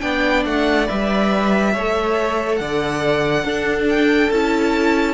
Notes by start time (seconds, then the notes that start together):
0.00 B3 D4 D5 G5
0.45 A3 F#5
0.86 G3 B4 E5
1.73 A3 A4 C#5
2.56 D3 D5 F#5
3.44 D4 A4
3.89 G5
4.31 C#4 E4 A5